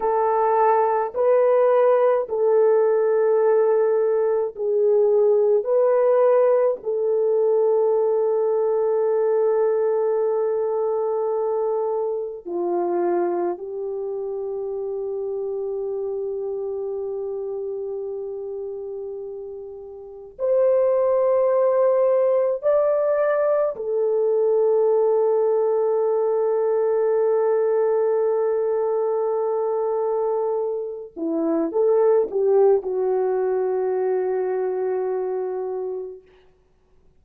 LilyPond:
\new Staff \with { instrumentName = "horn" } { \time 4/4 \tempo 4 = 53 a'4 b'4 a'2 | gis'4 b'4 a'2~ | a'2. f'4 | g'1~ |
g'2 c''2 | d''4 a'2.~ | a'2.~ a'8 e'8 | a'8 g'8 fis'2. | }